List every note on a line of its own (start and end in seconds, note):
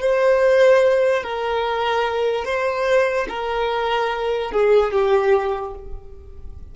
0.00 1.23 C5
1.23 2.44 A#4
2.44 3.27 C5
3.28 4.51 A#4
4.51 4.92 G#4
4.92 5.74 G4